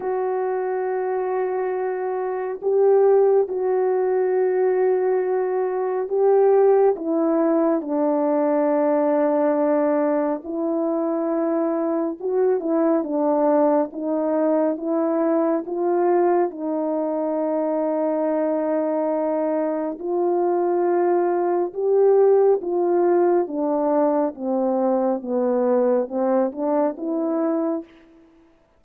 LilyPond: \new Staff \with { instrumentName = "horn" } { \time 4/4 \tempo 4 = 69 fis'2. g'4 | fis'2. g'4 | e'4 d'2. | e'2 fis'8 e'8 d'4 |
dis'4 e'4 f'4 dis'4~ | dis'2. f'4~ | f'4 g'4 f'4 d'4 | c'4 b4 c'8 d'8 e'4 | }